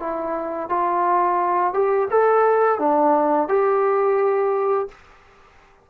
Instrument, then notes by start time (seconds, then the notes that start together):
trombone
0.00 E4
0.69 F4
1.74 G4
2.11 A4
2.79 D4
3.49 G4